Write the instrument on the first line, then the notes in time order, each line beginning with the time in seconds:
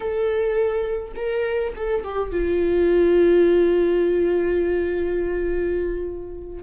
viola
0.00 A4
1.15 A#4
1.76 A4
2.03 G4
2.31 F4